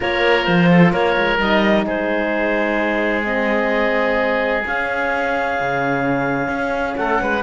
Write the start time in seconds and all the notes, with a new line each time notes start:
0.00 A#3 F4 A#4 C#5
0.45 F3 C5
0.71 A4
0.92 A#3 A#4 C#5
1.17 G#3
1.38 G3 D#4 D#5
1.85 G#3 G#4 C5
3.24 C4 D#5
4.65 C#4 F5
5.60 C#3
6.48 C#4
6.96 A3 A4 F#5
7.21 G#3 B4